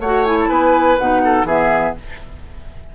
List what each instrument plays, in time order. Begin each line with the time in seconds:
0.00 bassoon A3, clarinet F#4, oboe C#5, flute F#5
0.25 clarinet E4, flute G#5
0.40 flute A5
0.49 bassoon B3, oboe B4, flute G#5
0.99 bassoon B2, clarinet D#4, flute F#5
1.25 oboe A4
1.44 bassoon E3, clarinet B3, oboe G#4, flute E5